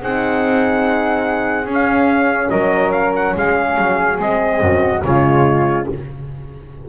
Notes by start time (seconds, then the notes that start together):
0.00 C4 D#4 G#4 F#5
1.65 C#4
1.73 F5
2.49 F#3 A#4 D#5
2.91 F5
3.15 F#5
3.36 G#3 G#4 F5
3.77 F#3
4.17 G#3 C4 D#5
4.60 F#2 F#4
5.03 C#3 G#3 F4 C#5